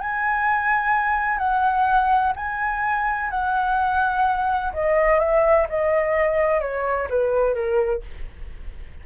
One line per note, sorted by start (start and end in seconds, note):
0.00 1.38 G#5
1.38 2.32 F#5
2.36 3.30 G#5
3.30 4.72 F#5
4.73 5.19 D#5
5.19 5.66 E5
5.69 6.61 D#5
6.61 7.08 C#5
7.10 7.54 B4
7.54 8.02 A#4